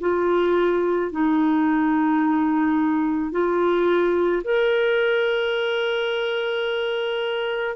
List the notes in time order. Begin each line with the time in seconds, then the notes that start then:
0.00 F4
1.11 D#4
3.32 F4
4.43 A#4